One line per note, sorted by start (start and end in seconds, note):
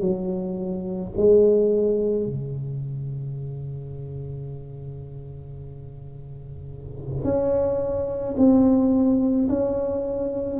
0.00 1.11 F#3
1.16 2.26 G#3
2.26 7.23 C#3
7.23 8.34 C#4
8.37 9.48 C4
9.48 10.59 C#4